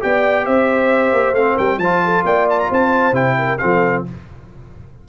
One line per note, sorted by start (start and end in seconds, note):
0.00 0.47 B3
0.00 1.35 G4
0.00 0.46 D5
0.00 0.46 G5
0.46 1.13 C4
0.46 1.54 C5
0.46 1.35 E5
1.13 1.33 A#3
1.33 1.55 A3
1.33 1.81 C4
1.33 1.57 F5
1.54 1.78 G3
1.54 1.77 A#4
1.54 1.79 G5
1.78 2.23 F3
1.78 3.13 F4
1.78 2.03 C5
1.78 2.24 A5
2.05 2.25 A4
2.24 2.69 A#3
2.24 2.70 D5
2.24 2.48 G5
2.50 2.60 A5
2.60 2.71 A#5
2.70 3.12 C4
2.70 3.37 C5
2.70 3.15 A5
3.12 3.57 C3
3.12 3.58 E4
3.12 3.58 G5
3.39 3.61 A#4
3.58 4.09 F3
3.58 4.06 C4
3.58 4.07 A4
3.58 4.03 F5